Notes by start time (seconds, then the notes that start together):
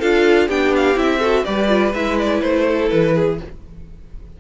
0.00 D4 F4 A4 F5
0.48 B3 D4 G4 G5
0.76 F5
0.95 C4 E4 E5
1.19 F#4 A4
1.45 G3 G4 B4 D5
1.68 F4
1.94 G#3 E4 E5
2.19 D5
2.41 A3 C5
2.67 A4
2.89 E3 B4
3.15 G#4